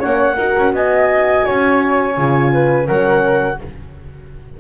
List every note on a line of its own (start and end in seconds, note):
0.00 0.38 A#3
0.00 0.37 C#4
0.00 0.36 C#5
0.00 0.74 F#5
0.37 0.56 D#4
0.37 2.16 F#4
0.37 0.73 A#4
0.58 0.73 C#4
0.73 1.44 B3
0.73 1.46 D#5
0.73 2.88 G#5
1.46 2.17 C#4
1.46 2.53 C#5
2.17 2.89 C#3
2.17 2.87 F4
2.53 2.87 B4
2.87 3.60 F#3
2.87 3.58 C#4
2.87 3.58 A#4
2.87 3.59 F#5